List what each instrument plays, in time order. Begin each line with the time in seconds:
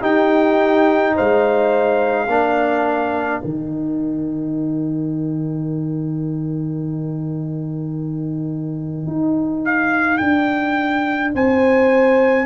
0.00 trombone D#4, tuba D#4, horn G4, trumpet G5
1.15 tuba G#3, horn C5, trumpet F5
2.25 tuba A#3, trombone D4, horn A#4
3.41 tuba D#3, trombone D#4, trumpet G5
9.07 tuba D#4
9.65 trumpet F5
10.17 tuba D4, trumpet G5
11.34 tuba C4, horn C5, trumpet G#5